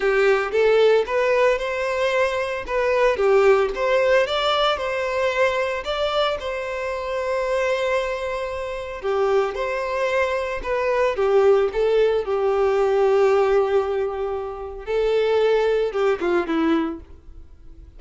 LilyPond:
\new Staff \with { instrumentName = "violin" } { \time 4/4 \tempo 4 = 113 g'4 a'4 b'4 c''4~ | c''4 b'4 g'4 c''4 | d''4 c''2 d''4 | c''1~ |
c''4 g'4 c''2 | b'4 g'4 a'4 g'4~ | g'1 | a'2 g'8 f'8 e'4 | }